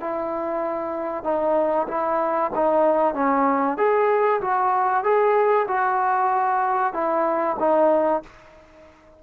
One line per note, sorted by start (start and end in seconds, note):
0.00 1.24 E4
1.24 1.87 D#4
1.87 2.51 E4
2.55 3.14 D#4
3.14 3.77 C#4
3.77 4.40 G#4
4.41 5.03 F#4
5.03 5.66 G#4
5.68 6.93 F#4
6.93 7.56 E4
7.59 8.22 D#4